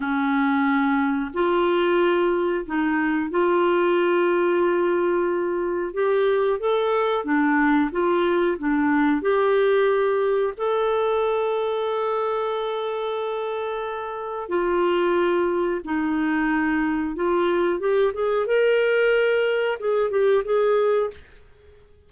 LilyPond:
\new Staff \with { instrumentName = "clarinet" } { \time 4/4 \tempo 4 = 91 cis'2 f'2 | dis'4 f'2.~ | f'4 g'4 a'4 d'4 | f'4 d'4 g'2 |
a'1~ | a'2 f'2 | dis'2 f'4 g'8 gis'8 | ais'2 gis'8 g'8 gis'4 | }